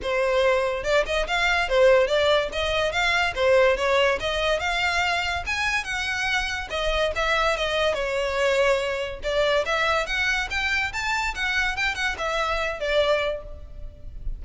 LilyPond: \new Staff \with { instrumentName = "violin" } { \time 4/4 \tempo 4 = 143 c''2 d''8 dis''8 f''4 | c''4 d''4 dis''4 f''4 | c''4 cis''4 dis''4 f''4~ | f''4 gis''4 fis''2 |
dis''4 e''4 dis''4 cis''4~ | cis''2 d''4 e''4 | fis''4 g''4 a''4 fis''4 | g''8 fis''8 e''4. d''4. | }